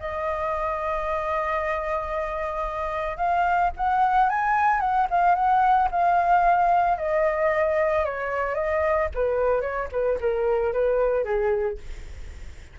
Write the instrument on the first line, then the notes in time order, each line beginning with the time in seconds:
flute
0.00 D#5
3.17 F5
3.77 F#5
4.30 G#5
4.80 F#5
5.10 F5
5.35 F#5
5.91 F5
6.98 D#5
8.05 C#5
8.55 D#5
9.15 B4
9.61 C#5
9.92 B4
10.21 A#4
10.73 B4
11.25 G#4